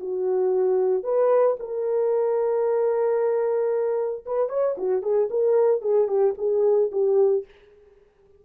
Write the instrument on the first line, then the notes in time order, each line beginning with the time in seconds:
horn
0.00 F#4
1.04 B4
1.60 A#4
4.26 B4
4.49 C#5
4.77 F#4
5.02 G#4
5.30 A#4
5.82 G#4
6.08 G4
6.38 G#4
6.92 G4